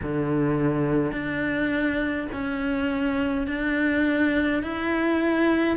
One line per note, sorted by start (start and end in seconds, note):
0.02 1.12 D3
1.12 2.27 D4
2.32 3.47 C#4
3.47 4.62 D4
4.63 5.76 E4